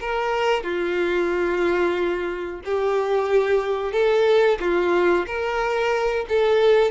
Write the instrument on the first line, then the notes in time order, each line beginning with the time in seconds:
violin
0.00 A#4
0.63 F4
2.65 G4
3.92 A4
4.60 F4
5.27 A#4
6.29 A4